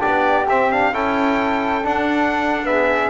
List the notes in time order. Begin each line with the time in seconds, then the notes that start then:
0.00 B3 D4 G4 D5
0.49 C4 E5
0.72 D4 F5
0.94 C#4 E4 A4 G5
1.83 D4 F#5
2.65 B3 G#4 E5